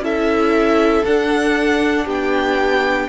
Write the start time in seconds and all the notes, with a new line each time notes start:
0.00 C#4 E4 A4 E5
1.05 D4 F#5
2.05 B3 G4 G5